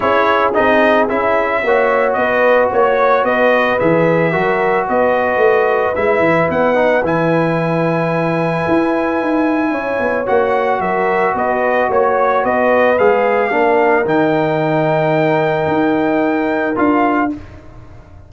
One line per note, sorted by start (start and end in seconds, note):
0.00 0.55 C#4
0.00 0.53 E4
0.00 1.60 G#4
0.00 0.52 C#5
0.53 1.10 C4
0.53 1.08 D#4
0.53 1.08 D#5
1.08 1.63 C#4
1.08 1.63 E4
1.08 2.13 E5
1.63 2.16 A#3
1.63 3.79 F#4
1.63 2.17 C#5
2.13 2.70 B3
2.13 2.70 B4
2.13 2.67 D#5
2.70 3.23 A#3
2.70 3.24 C#5
3.23 3.77 B3
3.23 4.32 B4
3.23 3.78 D#5
3.79 4.35 E3
3.79 4.32 G#4
3.79 4.87 E5
4.32 4.88 F#3
4.32 5.94 F#4
4.32 4.86 A#4
4.86 5.37 B3
4.86 9.71 B4
4.86 5.95 D#5
5.37 5.91 A3
5.95 6.19 G#3
5.95 6.74 E4
5.95 6.49 E5
6.19 6.46 E3
6.49 7.03 B3
6.49 7.04 F#5
6.74 7.01 D#4
7.03 8.65 E3
7.03 10.26 E4
7.03 10.27 G#5
8.67 9.21 E4
9.21 9.70 D#4
9.70 9.98 C#4
9.70 10.79 C#5
9.99 10.26 B3
10.26 10.79 A#3
10.26 12.96 F#4
10.26 10.80 F#5
10.79 11.33 F#3
10.79 11.34 A#4
10.79 11.34 E5
11.34 11.88 B3
11.34 11.89 B4
11.34 11.91 D#5
11.89 12.43 A#3
11.89 12.42 C#5
11.89 12.44 C#5
12.42 12.98 B3
12.42 13.51 B4
12.42 12.98 D#5
12.98 13.52 G#3
12.98 13.50 G#4
12.98 14.06 F5
13.50 14.05 A#3
13.50 14.04 D4
13.50 17.32 A#4
14.05 15.67 D#3
14.05 16.75 D#4
14.05 16.77 G5
15.67 16.75 D#4
16.75 17.32 D4
16.75 17.29 F4
16.75 17.31 F5